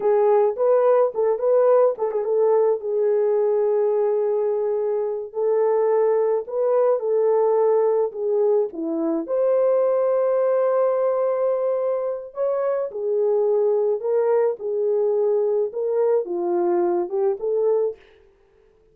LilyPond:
\new Staff \with { instrumentName = "horn" } { \time 4/4 \tempo 4 = 107 gis'4 b'4 a'8 b'4 a'16 gis'16 | a'4 gis'2.~ | gis'4. a'2 b'8~ | b'8 a'2 gis'4 e'8~ |
e'8 c''2.~ c''8~ | c''2 cis''4 gis'4~ | gis'4 ais'4 gis'2 | ais'4 f'4. g'8 a'4 | }